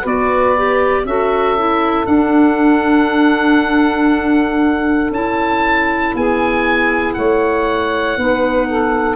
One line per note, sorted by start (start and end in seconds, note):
0.00 1.05 B3
0.00 0.56 F#4
0.00 1.02 B4
0.06 1.06 D5
0.56 1.06 G4
1.05 2.06 C#4
1.05 1.57 F#4
1.05 6.14 A4
1.05 2.06 E5
1.57 2.05 E4
2.05 5.10 D4
2.05 5.11 F#5
5.10 6.12 C#4
5.10 8.18 E4
5.10 6.15 A5
6.14 7.16 B3
6.14 7.16 G#4
6.14 7.13 G#5
7.13 8.17 A3
7.13 8.17 C#5
7.13 9.16 F#5
8.17 9.16 B3
8.17 9.16 D#4
8.17 8.67 B4
8.67 9.16 A4